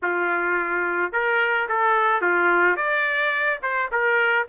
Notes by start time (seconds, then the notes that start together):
0.02 F4
1.12 A#4
1.68 A4
2.21 F4
2.76 D5
3.62 C5
3.91 A#4